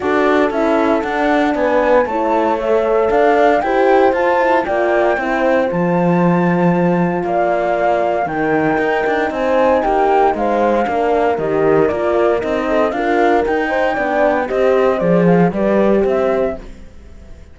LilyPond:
<<
  \new Staff \with { instrumentName = "flute" } { \time 4/4 \tempo 4 = 116 d''4 e''4 fis''4 gis''4 | a''4 e''4 f''4 g''4 | a''4 g''2 a''4~ | a''2 f''2 |
g''2 gis''4 g''4 | f''2 dis''4 d''4 | dis''4 f''4 g''2 | dis''4 d''8 f''8 d''4 e''4 | }
  \new Staff \with { instrumentName = "horn" } { \time 4/4 a'2. b'4 | cis''2 d''4 c''4~ | c''4 d''4 c''2~ | c''2 d''2 |
ais'2 c''4 g'4 | c''4 ais'2.~ | ais'8 a'8 ais'4. c''8 d''4 | c''2 b'4 c''4 | }
  \new Staff \with { instrumentName = "horn" } { \time 4/4 fis'4 e'4 d'2 | e'4 a'2 g'4 | f'8 e'8 f'4 e'4 f'4~ | f'1 |
dis'1~ | dis'4 d'4 g'4 f'4 | dis'4 f'4 dis'4 d'4 | g'4 gis'4 g'2 | }
  \new Staff \with { instrumentName = "cello" } { \time 4/4 d'4 cis'4 d'4 b4 | a2 d'4 e'4 | f'4 ais4 c'4 f4~ | f2 ais2 |
dis4 dis'8 d'8 c'4 ais4 | gis4 ais4 dis4 ais4 | c'4 d'4 dis'4 b4 | c'4 f4 g4 c'4 | }
>>